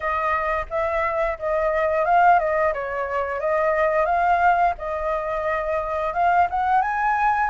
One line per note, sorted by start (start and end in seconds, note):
0.00 0.66 D#5
0.70 1.38 E5
1.38 2.05 D#5
2.05 2.39 F5
2.39 2.73 D#5
2.73 3.40 C#5
3.40 4.05 D#5
4.05 4.74 F5
4.78 6.13 D#5
6.13 6.47 F5
6.50 6.82 F#5
6.82 7.49 G#5